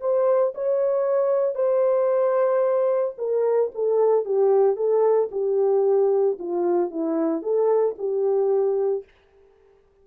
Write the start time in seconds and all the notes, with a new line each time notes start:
0.00 C5
0.54 C#5
1.55 C5
3.18 A#4
3.74 A4
4.25 G4
4.76 A4
5.31 G4
6.39 F4
6.90 E4
7.42 A4
7.98 G4